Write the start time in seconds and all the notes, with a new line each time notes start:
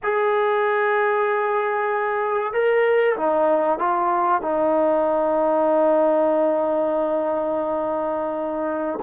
0.03 G#4
2.53 A#4
3.16 D#4
3.79 F4
4.41 D#4